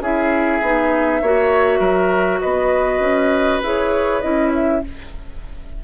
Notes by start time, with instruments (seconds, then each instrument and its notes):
0.00 bassoon C#4, clarinet E4, oboe G#4, flute E5
0.61 bassoon B3, clarinet D#4
1.22 bassoon A#3, clarinet F#4, oboe C#5
1.79 bassoon F#3, oboe A#4
2.41 bassoon B3, oboe B4, flute D#5
3.00 bassoon C#4
3.63 bassoon E4, clarinet G#4, flute C#5
4.21 bassoon C#4, clarinet E4, flute D#5
4.54 flute E5